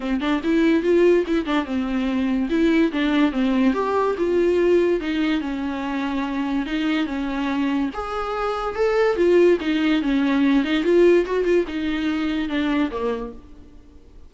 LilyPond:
\new Staff \with { instrumentName = "viola" } { \time 4/4 \tempo 4 = 144 c'8 d'8 e'4 f'4 e'8 d'8 | c'2 e'4 d'4 | c'4 g'4 f'2 | dis'4 cis'2. |
dis'4 cis'2 gis'4~ | gis'4 a'4 f'4 dis'4 | cis'4. dis'8 f'4 fis'8 f'8 | dis'2 d'4 ais4 | }